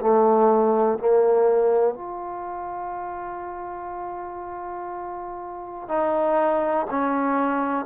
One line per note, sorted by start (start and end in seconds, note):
0.00 0.98 A3
0.98 1.94 A#3
1.94 5.88 F4
5.88 6.87 D#4
6.90 7.86 C#4